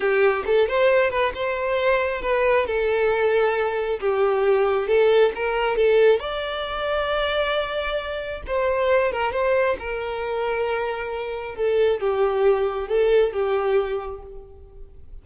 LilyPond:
\new Staff \with { instrumentName = "violin" } { \time 4/4 \tempo 4 = 135 g'4 a'8 c''4 b'8 c''4~ | c''4 b'4 a'2~ | a'4 g'2 a'4 | ais'4 a'4 d''2~ |
d''2. c''4~ | c''8 ais'8 c''4 ais'2~ | ais'2 a'4 g'4~ | g'4 a'4 g'2 | }